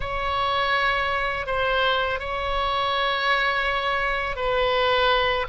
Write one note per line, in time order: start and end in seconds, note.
0.00 1.46 C#5
1.46 2.19 C5
2.19 4.36 C#5
4.36 5.45 B4